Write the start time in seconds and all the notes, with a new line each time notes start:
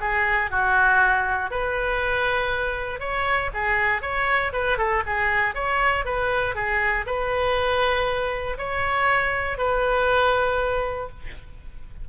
0.00 G#4
0.50 F#4
1.51 B4
3.00 C#5
3.54 G#4
4.02 C#5
4.52 B4
4.78 A4
5.06 G#4
5.54 C#5
6.05 B4
6.55 G#4
7.06 B4
8.58 C#5
9.58 B4